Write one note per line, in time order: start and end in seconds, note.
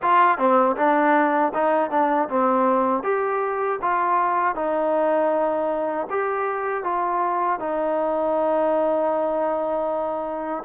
0.01 0.38 F4
0.38 0.76 C4
0.76 1.52 D4
1.54 1.90 D#4
1.90 2.28 D4
2.29 3.03 C4
3.03 3.79 G4
3.81 4.55 F4
4.55 6.07 D#4
6.10 6.84 G4
6.84 7.59 F4
7.59 10.63 D#4